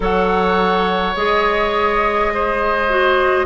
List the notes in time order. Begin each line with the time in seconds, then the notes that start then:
0.00 F#3 A4 C#5 F#5
1.15 G#3 G#4 D#5
2.33 C5
2.89 F#4